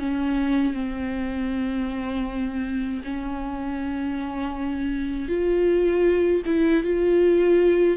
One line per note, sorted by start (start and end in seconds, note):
0.00 0.74 C#4
0.74 3.02 C4
3.05 5.29 C#4
5.29 6.43 F4
6.46 6.84 E4
6.84 7.98 F4